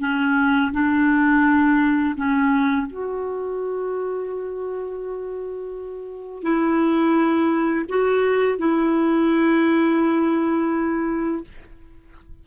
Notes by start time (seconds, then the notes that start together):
0.00 C#4
0.73 D4
2.17 C#4
2.87 F#4
6.43 E4
7.89 F#4
8.59 E4